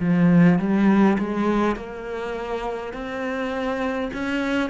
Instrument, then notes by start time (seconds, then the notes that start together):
cello
0.00 F3
0.59 G3
1.19 G#3
1.76 A#3
2.94 C4
4.14 C#4